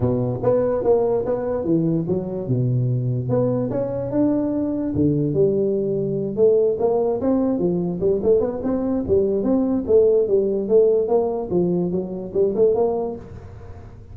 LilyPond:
\new Staff \with { instrumentName = "tuba" } { \time 4/4 \tempo 4 = 146 b,4 b4 ais4 b4 | e4 fis4 b,2 | b4 cis'4 d'2 | d4 g2~ g8 a8~ |
a8 ais4 c'4 f4 g8 | a8 b8 c'4 g4 c'4 | a4 g4 a4 ais4 | f4 fis4 g8 a8 ais4 | }